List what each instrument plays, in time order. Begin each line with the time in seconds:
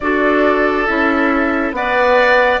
0.00 bassoon D4, clarinet F#4, oboe A4, flute D5
0.86 bassoon C#4, clarinet E4, flute E5
1.71 bassoon B3, clarinet B4, oboe D5, flute F#5